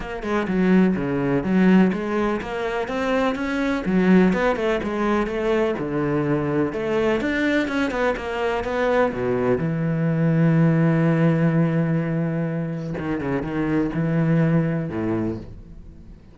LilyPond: \new Staff \with { instrumentName = "cello" } { \time 4/4 \tempo 4 = 125 ais8 gis8 fis4 cis4 fis4 | gis4 ais4 c'4 cis'4 | fis4 b8 a8 gis4 a4 | d2 a4 d'4 |
cis'8 b8 ais4 b4 b,4 | e1~ | e2. dis8 cis8 | dis4 e2 a,4 | }